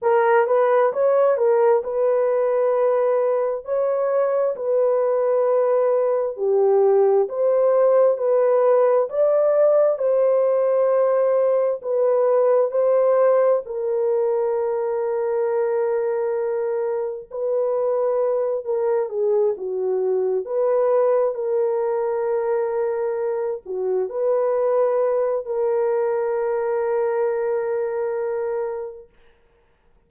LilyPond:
\new Staff \with { instrumentName = "horn" } { \time 4/4 \tempo 4 = 66 ais'8 b'8 cis''8 ais'8 b'2 | cis''4 b'2 g'4 | c''4 b'4 d''4 c''4~ | c''4 b'4 c''4 ais'4~ |
ais'2. b'4~ | b'8 ais'8 gis'8 fis'4 b'4 ais'8~ | ais'2 fis'8 b'4. | ais'1 | }